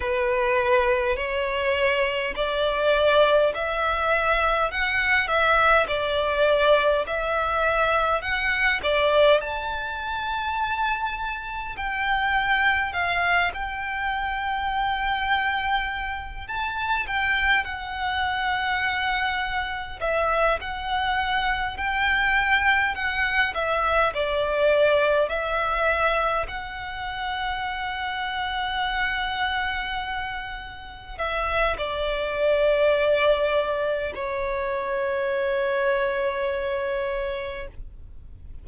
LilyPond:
\new Staff \with { instrumentName = "violin" } { \time 4/4 \tempo 4 = 51 b'4 cis''4 d''4 e''4 | fis''8 e''8 d''4 e''4 fis''8 d''8 | a''2 g''4 f''8 g''8~ | g''2 a''8 g''8 fis''4~ |
fis''4 e''8 fis''4 g''4 fis''8 | e''8 d''4 e''4 fis''4.~ | fis''2~ fis''8 e''8 d''4~ | d''4 cis''2. | }